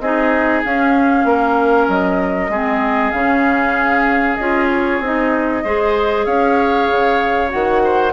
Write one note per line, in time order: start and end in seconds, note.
0.00 0.63 C4
0.00 0.64 D#4
0.00 1.27 G#4
0.00 0.62 D#5
0.64 2.52 C#4
0.64 1.24 C#4
0.64 1.89 F5
1.24 1.87 A#3
1.24 2.51 A#4
1.88 2.49 F#3
1.88 3.12 D#5
2.49 3.11 G#3
2.49 3.14 C4
2.49 5.64 G#4
3.12 4.38 C#3
3.12 4.39 C#4
3.12 4.36 F5
4.36 5.00 C#4
4.36 5.02 F4
4.36 4.67 D#5
4.71 5.03 C#5
5.00 5.62 C4
5.00 5.65 D#4
5.00 6.25 D#5
5.64 6.26 G#3
5.64 7.49 G#4
5.64 6.26 C5
6.25 6.89 C#4
6.25 7.82 C#5
6.25 7.50 F5
6.91 7.54 C#3
7.49 8.13 D#3
7.49 8.11 F#4
7.49 8.13 F#5
7.84 8.13 C5